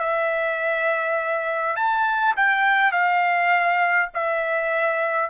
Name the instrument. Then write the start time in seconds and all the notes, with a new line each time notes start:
trumpet
0.00 E5
1.76 A5
2.37 G5
2.92 F5
4.14 E5